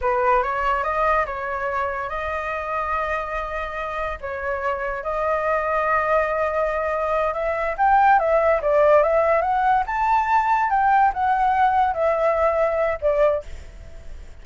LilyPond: \new Staff \with { instrumentName = "flute" } { \time 4/4 \tempo 4 = 143 b'4 cis''4 dis''4 cis''4~ | cis''4 dis''2.~ | dis''2 cis''2 | dis''1~ |
dis''4. e''4 g''4 e''8~ | e''8 d''4 e''4 fis''4 a''8~ | a''4. g''4 fis''4.~ | fis''8 e''2~ e''8 d''4 | }